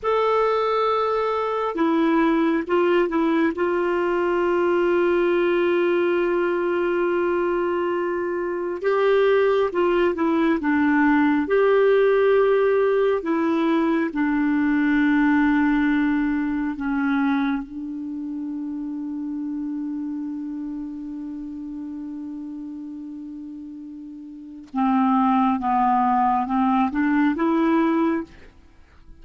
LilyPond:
\new Staff \with { instrumentName = "clarinet" } { \time 4/4 \tempo 4 = 68 a'2 e'4 f'8 e'8 | f'1~ | f'2 g'4 f'8 e'8 | d'4 g'2 e'4 |
d'2. cis'4 | d'1~ | d'1 | c'4 b4 c'8 d'8 e'4 | }